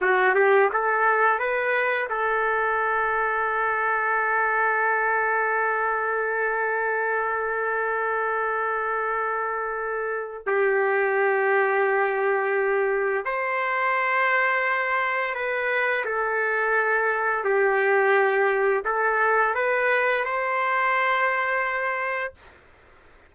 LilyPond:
\new Staff \with { instrumentName = "trumpet" } { \time 4/4 \tempo 4 = 86 fis'8 g'8 a'4 b'4 a'4~ | a'1~ | a'1~ | a'2. g'4~ |
g'2. c''4~ | c''2 b'4 a'4~ | a'4 g'2 a'4 | b'4 c''2. | }